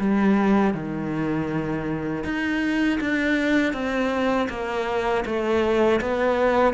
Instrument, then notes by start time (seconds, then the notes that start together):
cello
0.00 G3
0.74 D#3
2.24 D#4
3.01 D4
3.73 C4
4.50 A#3
5.26 A3
6.01 B3